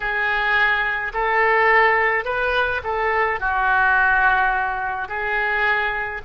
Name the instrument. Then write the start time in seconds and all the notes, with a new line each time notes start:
oboe
0.00 G#4
1.13 A4
2.24 B4
2.83 A4
3.40 F#4
5.08 G#4